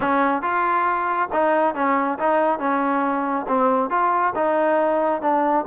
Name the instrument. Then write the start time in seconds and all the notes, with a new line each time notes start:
trombone
0.00 C#4
0.42 F4
1.32 D#4
1.75 C#4
2.19 D#4
2.59 C#4
3.48 C4
3.90 F4
4.35 D#4
5.21 D4